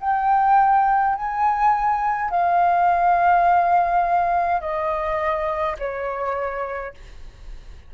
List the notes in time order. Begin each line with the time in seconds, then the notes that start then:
0.00 G5
1.15 G#5
2.30 F5
4.60 D#5
5.78 C#5